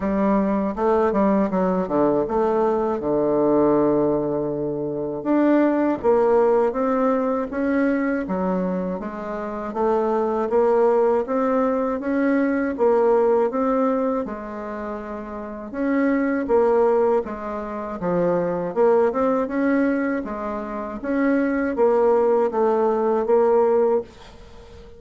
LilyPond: \new Staff \with { instrumentName = "bassoon" } { \time 4/4 \tempo 4 = 80 g4 a8 g8 fis8 d8 a4 | d2. d'4 | ais4 c'4 cis'4 fis4 | gis4 a4 ais4 c'4 |
cis'4 ais4 c'4 gis4~ | gis4 cis'4 ais4 gis4 | f4 ais8 c'8 cis'4 gis4 | cis'4 ais4 a4 ais4 | }